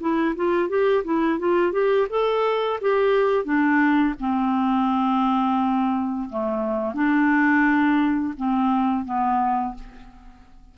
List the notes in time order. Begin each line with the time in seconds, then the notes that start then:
0.00 E4
0.36 F4
0.69 G4
1.04 E4
1.39 F4
1.72 G4
2.10 A4
2.81 G4
3.44 D4
4.20 C4
6.29 A3
6.94 D4
8.37 C4
9.05 B3